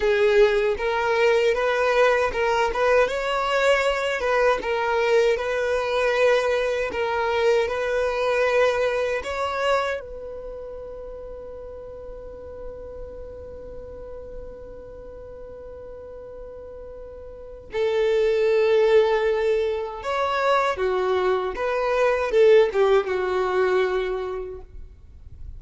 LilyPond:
\new Staff \with { instrumentName = "violin" } { \time 4/4 \tempo 4 = 78 gis'4 ais'4 b'4 ais'8 b'8 | cis''4. b'8 ais'4 b'4~ | b'4 ais'4 b'2 | cis''4 b'2.~ |
b'1~ | b'2. a'4~ | a'2 cis''4 fis'4 | b'4 a'8 g'8 fis'2 | }